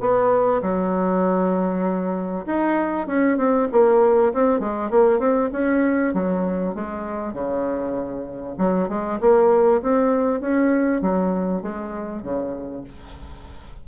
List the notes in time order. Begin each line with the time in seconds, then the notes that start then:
0.00 B3
0.62 F#3
2.46 D#4
3.07 C#4
3.38 C4
3.72 A#3
4.33 C4
4.60 G#3
4.90 A#3
5.19 C4
5.52 C#4
6.14 F#3
6.74 G#3
7.34 C#3
8.58 F#3
8.89 G#3
9.21 A#3
9.82 C4
10.40 C#4
11.01 F#3
11.62 G#3
12.23 C#3